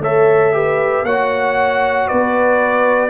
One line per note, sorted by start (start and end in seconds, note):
0.00 1.02 A3
0.00 0.53 A4
0.00 0.52 C#5
0.00 1.05 E5
0.53 1.04 G4
0.53 1.05 B4
1.02 2.06 A#3
1.02 3.09 F#4
1.02 2.08 C#5
1.02 2.08 F#5
2.08 3.09 B3
2.08 3.09 B4
2.08 3.09 D5